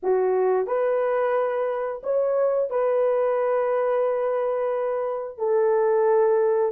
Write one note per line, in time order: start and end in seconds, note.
0.02 0.66 F#4
0.66 2.01 B4
2.03 2.70 C#5
2.70 5.37 B4
5.37 6.71 A4